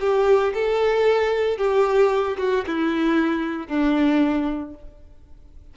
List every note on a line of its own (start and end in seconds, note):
0.00 0.53 G4
0.54 1.58 A4
1.58 2.37 G4
2.38 2.65 F#4
2.67 3.68 E4
3.68 4.74 D4